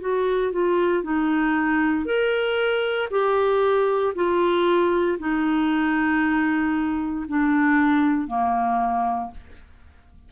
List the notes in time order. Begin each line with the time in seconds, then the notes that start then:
0.00 F#4
0.52 F4
1.03 D#4
2.05 A#4
3.10 G4
4.15 F4
5.19 D#4
7.28 D4
8.27 A#3